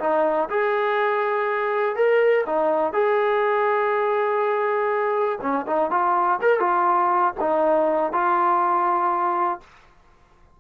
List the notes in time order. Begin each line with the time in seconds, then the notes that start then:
0.00 D#4
0.50 G#4
1.96 A#4
2.46 D#4
2.93 G#4
5.42 C#4
5.67 D#4
5.91 F4
6.42 A#4
6.60 F4
7.41 D#4
8.13 F4